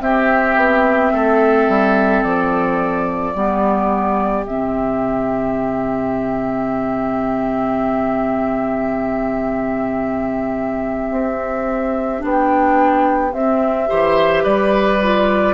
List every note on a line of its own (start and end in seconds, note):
0.00 3.33 C4
0.00 0.57 C4
0.00 1.13 G4
0.00 2.23 E5
0.57 1.12 B3
1.13 1.69 A3
1.13 3.35 A4
1.69 2.24 G3
2.23 3.35 F3
2.23 4.46 D5
3.34 4.46 G3
3.34 4.45 B3
3.34 13.89 G4
4.46 11.11 C3
4.46 12.19 C4
4.46 12.25 E5
11.11 12.22 C4
12.19 13.33 B3
12.19 13.30 D4
12.26 13.33 G5
13.33 13.89 C4
13.33 14.44 E5
13.89 14.45 E3
13.89 15.00 G4
13.89 14.44 C5
14.44 15.55 G3
14.44 15.55 B4
14.44 15.55 D5
15.03 15.55 F4